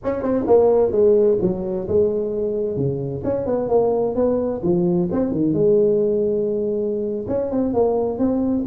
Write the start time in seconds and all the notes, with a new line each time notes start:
0.03 C#4
0.22 C4
0.46 A#3
0.91 G#3
1.41 F#3
1.88 G#3
2.76 C#3
3.23 C#4
3.46 B3
3.68 A#3
4.15 B3
4.62 F3
5.11 C4
5.31 D#3
5.53 G#3
7.28 C#4
7.51 C4
7.73 A#3
8.18 C4